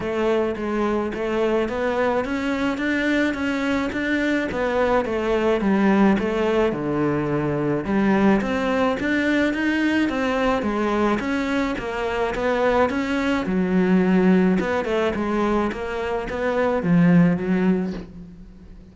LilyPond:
\new Staff \with { instrumentName = "cello" } { \time 4/4 \tempo 4 = 107 a4 gis4 a4 b4 | cis'4 d'4 cis'4 d'4 | b4 a4 g4 a4 | d2 g4 c'4 |
d'4 dis'4 c'4 gis4 | cis'4 ais4 b4 cis'4 | fis2 b8 a8 gis4 | ais4 b4 f4 fis4 | }